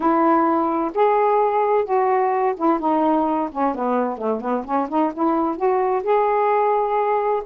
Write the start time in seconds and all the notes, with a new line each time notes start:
0.00 E4
0.94 G#4
1.84 F#4
2.56 E4
2.79 D#4
3.51 C#4
3.74 B3
4.17 A3
4.40 B3
4.64 C#4
4.89 D#4
5.13 E4
5.56 F#4
6.03 G#4